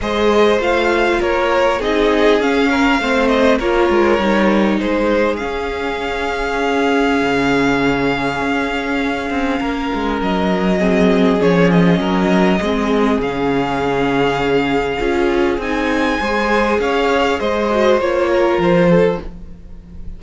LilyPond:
<<
  \new Staff \with { instrumentName = "violin" } { \time 4/4 \tempo 4 = 100 dis''4 f''4 cis''4 dis''4 | f''4. dis''8 cis''2 | c''4 f''2.~ | f''1~ |
f''4 dis''2 cis''8 dis''8~ | dis''2 f''2~ | f''2 gis''2 | f''4 dis''4 cis''4 c''4 | }
  \new Staff \with { instrumentName = "violin" } { \time 4/4 c''2 ais'4 gis'4~ | gis'8 ais'8 c''4 ais'2 | gis'1~ | gis'1 |
ais'2 gis'2 | ais'4 gis'2.~ | gis'2. c''4 | cis''4 c''4. ais'4 a'8 | }
  \new Staff \with { instrumentName = "viola" } { \time 4/4 gis'4 f'2 dis'4 | cis'4 c'4 f'4 dis'4~ | dis'4 cis'2.~ | cis'1~ |
cis'2 c'4 cis'4~ | cis'4 c'4 cis'2~ | cis'4 f'4 dis'4 gis'4~ | gis'4. fis'8 f'2 | }
  \new Staff \with { instrumentName = "cello" } { \time 4/4 gis4 a4 ais4 c'4 | cis'4 a4 ais8 gis8 g4 | gis4 cis'2. | cis2 cis'4. c'8 |
ais8 gis8 fis2 f4 | fis4 gis4 cis2~ | cis4 cis'4 c'4 gis4 | cis'4 gis4 ais4 f4 | }
>>